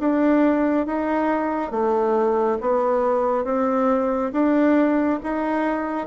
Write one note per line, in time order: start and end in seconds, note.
0.00 0.87 D4
0.87 1.72 D#4
1.72 2.58 A3
2.61 3.45 B3
3.45 4.32 C4
4.33 5.20 D4
5.23 6.08 D#4